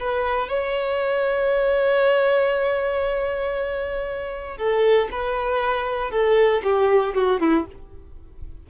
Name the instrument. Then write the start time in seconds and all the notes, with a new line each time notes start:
violin
0.00 B4
0.49 C#5
4.58 A4
5.12 B4
6.11 A4
6.64 G4
7.15 F#4
7.40 E4